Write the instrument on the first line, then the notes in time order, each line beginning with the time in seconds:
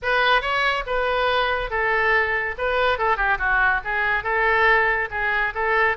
oboe
0.02 B4
0.41 C#5
0.86 B4
1.70 A4
2.57 B4
2.98 A4
3.16 G4
3.38 F#4
3.84 G#4
4.23 A4
5.11 G#4
5.54 A4